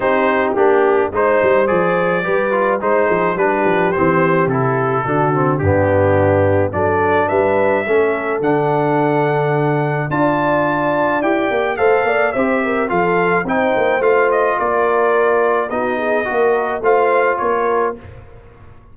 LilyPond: <<
  \new Staff \with { instrumentName = "trumpet" } { \time 4/4 \tempo 4 = 107 c''4 g'4 c''4 d''4~ | d''4 c''4 b'4 c''4 | a'2 g'2 | d''4 e''2 fis''4~ |
fis''2 a''2 | g''4 f''4 e''4 f''4 | g''4 f''8 dis''8 d''2 | dis''2 f''4 cis''4 | }
  \new Staff \with { instrumentName = "horn" } { \time 4/4 g'2 c''2 | b'4 c''8 gis'8 g'2~ | g'4 fis'4 d'2 | a'4 b'4 a'2~ |
a'2 d''2~ | d''4 c''8 d''8 c''8 ais'8 a'4 | c''2 ais'2 | fis'8 gis'8 ais'4 c''4 ais'4 | }
  \new Staff \with { instrumentName = "trombone" } { \time 4/4 dis'4 d'4 dis'4 gis'4 | g'8 f'8 dis'4 d'4 c'4 | e'4 d'8 c'8 b2 | d'2 cis'4 d'4~ |
d'2 f'2 | g'4 a'4 g'4 f'4 | dis'4 f'2. | dis'4 fis'4 f'2 | }
  \new Staff \with { instrumentName = "tuba" } { \time 4/4 c'4 ais4 gis8 g8 f4 | g4 gis8 f8 g8 f8 e4 | c4 d4 g,2 | fis4 g4 a4 d4~ |
d2 d'2 | e'8 ais8 a8 ais8 c'4 f4 | c'8 ais8 a4 ais2 | b4 ais4 a4 ais4 | }
>>